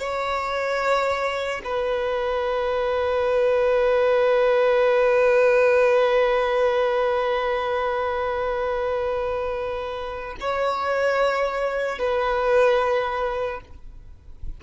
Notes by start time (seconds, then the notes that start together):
0.00 C#5
1.65 B4
10.40 C#5
11.99 B4